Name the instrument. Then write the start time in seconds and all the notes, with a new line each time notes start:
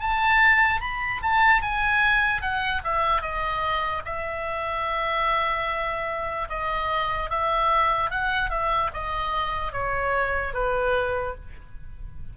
oboe
0.00 A5
0.81 B5
1.22 A5
1.62 G#5
2.42 F#5
2.84 E5
3.22 D#5
4.05 E5
6.49 D#5
7.30 E5
8.11 F#5
8.50 E5
8.94 D#5
9.73 C#5
10.54 B4